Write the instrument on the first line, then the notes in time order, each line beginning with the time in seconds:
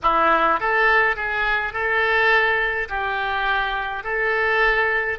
oboe
0.02 E4
0.60 A4
1.15 G#4
1.73 A4
2.88 G4
4.03 A4